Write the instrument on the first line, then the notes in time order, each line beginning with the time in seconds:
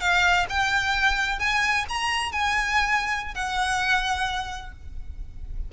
violin
0.00 F5
0.49 G5
1.39 G#5
1.88 A#5
2.32 G#5
3.34 F#5